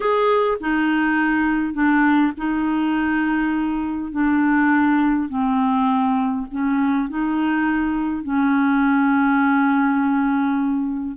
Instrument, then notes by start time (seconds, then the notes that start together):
clarinet
0.00 G#4
0.60 D#4
1.73 D4
2.37 D#4
4.11 D4
5.28 C4
6.51 C#4
7.09 D#4
8.23 C#4